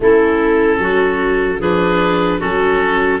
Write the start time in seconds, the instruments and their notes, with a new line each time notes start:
0.00 tuba A3, viola C#4, clarinet E4, oboe A4
0.78 tuba F#3, clarinet F#4
1.59 tuba F3, viola D4, clarinet G#4, oboe B4
2.39 tuba F#3, viola C#4, clarinet F#4, oboe A4